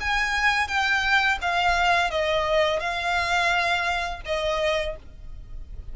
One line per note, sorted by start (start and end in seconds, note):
0.00 0.68 G#5
0.68 1.38 G5
1.41 2.10 F5
2.10 2.79 D#5
2.79 4.21 F5
4.25 4.96 D#5